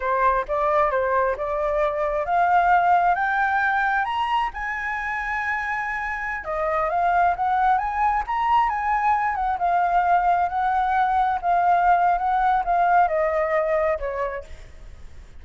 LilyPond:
\new Staff \with { instrumentName = "flute" } { \time 4/4 \tempo 4 = 133 c''4 d''4 c''4 d''4~ | d''4 f''2 g''4~ | g''4 ais''4 gis''2~ | gis''2~ gis''16 dis''4 f''8.~ |
f''16 fis''4 gis''4 ais''4 gis''8.~ | gis''8. fis''8 f''2 fis''8.~ | fis''4~ fis''16 f''4.~ f''16 fis''4 | f''4 dis''2 cis''4 | }